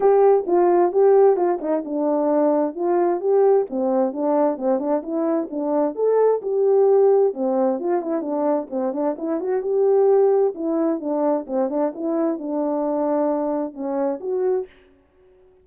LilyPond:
\new Staff \with { instrumentName = "horn" } { \time 4/4 \tempo 4 = 131 g'4 f'4 g'4 f'8 dis'8 | d'2 f'4 g'4 | c'4 d'4 c'8 d'8 e'4 | d'4 a'4 g'2 |
c'4 f'8 e'8 d'4 c'8 d'8 | e'8 fis'8 g'2 e'4 | d'4 c'8 d'8 e'4 d'4~ | d'2 cis'4 fis'4 | }